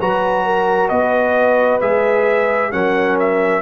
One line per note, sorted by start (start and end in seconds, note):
0.00 0.90 F#3
0.00 1.81 F#4
0.00 0.45 B4
0.00 0.89 A#5
0.45 0.90 A#4
0.89 1.81 B3
0.89 2.72 B4
0.89 1.80 D#5
1.81 2.72 G#3
1.81 2.71 G#4
1.81 2.72 E5
2.71 3.62 F#3
2.71 3.62 C#4
2.71 3.62 A#4
2.71 3.17 F#5
3.19 3.62 E5